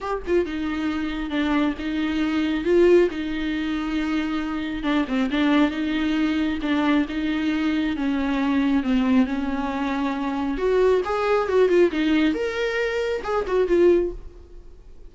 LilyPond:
\new Staff \with { instrumentName = "viola" } { \time 4/4 \tempo 4 = 136 g'8 f'8 dis'2 d'4 | dis'2 f'4 dis'4~ | dis'2. d'8 c'8 | d'4 dis'2 d'4 |
dis'2 cis'2 | c'4 cis'2. | fis'4 gis'4 fis'8 f'8 dis'4 | ais'2 gis'8 fis'8 f'4 | }